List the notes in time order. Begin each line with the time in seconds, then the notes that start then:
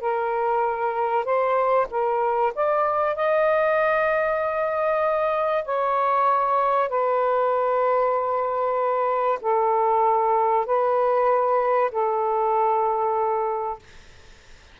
0.00 A#4
1.24 C5
1.90 A#4
2.55 D5
3.15 D#5
5.64 C#5
6.88 B4
9.41 A4
10.66 B4
11.91 A4